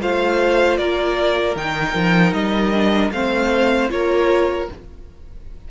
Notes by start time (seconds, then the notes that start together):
0.00 A3 F4 C5 F5
0.78 A#3 A#4 D5
1.56 D#3 D#4 G5
1.95 F3
2.33 G3 D#5
2.73 D4
3.12 A3 C4 C5 F5
3.90 A#3 F4 A#4 C#5